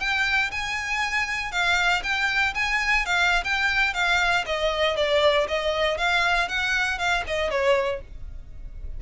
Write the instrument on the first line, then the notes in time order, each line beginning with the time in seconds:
violin
0.00 G5
0.52 G#5
1.52 F5
2.04 G5
2.55 G#5
3.06 F5
3.44 G5
3.94 F5
4.46 D#5
4.97 D5
5.48 D#5
5.98 F5
6.49 F#5
6.99 F5
7.28 D#5
7.50 C#5